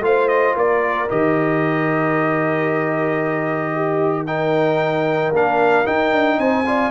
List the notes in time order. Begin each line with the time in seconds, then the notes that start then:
0.00 A3 F4 C5 F5
0.28 D#5
0.55 A#3 A#4 D5
1.09 D#3 G4 D#5
3.74 G4
4.26 D#4 A#4 G5
5.31 A#3 D4 F5
5.85 D#4 G5
6.12 D4
6.37 C4 C5 G#5
6.65 F4 D5